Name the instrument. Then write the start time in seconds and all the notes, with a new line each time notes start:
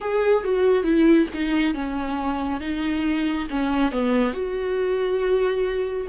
viola
0.00 G#4
0.43 F#4
0.83 E4
1.33 D#4
1.74 C#4
2.60 D#4
3.50 C#4
3.91 B3
4.33 F#4